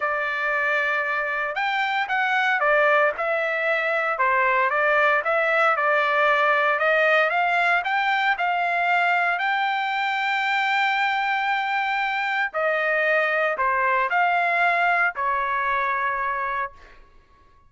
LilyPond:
\new Staff \with { instrumentName = "trumpet" } { \time 4/4 \tempo 4 = 115 d''2. g''4 | fis''4 d''4 e''2 | c''4 d''4 e''4 d''4~ | d''4 dis''4 f''4 g''4 |
f''2 g''2~ | g''1 | dis''2 c''4 f''4~ | f''4 cis''2. | }